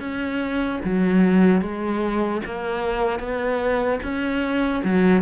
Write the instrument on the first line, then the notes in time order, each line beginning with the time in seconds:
cello
0.00 C#4
0.85 F#3
1.61 G#3
2.45 A#3
3.20 B3
4.03 C#4
4.84 F#3